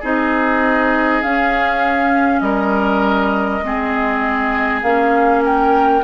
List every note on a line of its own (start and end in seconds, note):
0.00 1.23 C4
0.00 1.23 D#4
0.00 2.40 G#4
0.00 1.23 D#5
1.23 3.62 C#4
1.23 2.41 C#4
1.23 2.40 F5
2.40 3.61 G3
2.40 3.64 A#4
2.40 4.80 D#5
3.63 4.83 G#3
3.63 4.84 C4
3.63 5.45 G#4
4.83 6.03 A#3
4.83 6.04 C#4
4.83 5.42 F5
5.45 6.04 A#4
5.45 6.04 G5